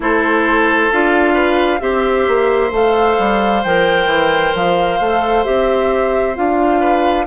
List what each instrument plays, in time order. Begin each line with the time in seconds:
0.00 bassoon A3, clarinet E4, oboe A4, flute C5
0.92 bassoon D4, clarinet F4, flute F5
1.34 oboe B4
1.80 bassoon C4, clarinet G4, oboe C5, flute E5
2.27 bassoon A#3
2.71 bassoon A3, clarinet A4, flute F5
3.18 bassoon G3
3.63 bassoon F3, clarinet A#4, flute G5
4.06 bassoon E3
4.55 bassoon F3, flute F5
5.00 bassoon A3, clarinet A4
5.44 bassoon C4, clarinet G4, flute E5
6.34 bassoon D4, clarinet F4, flute F5
6.80 oboe B4